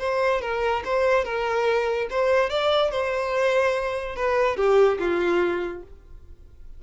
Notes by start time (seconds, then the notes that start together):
0.00 C5
0.42 A#4
0.85 C5
1.25 A#4
2.10 C5
2.50 D5
2.91 C5
4.16 B4
4.57 G4
5.00 F4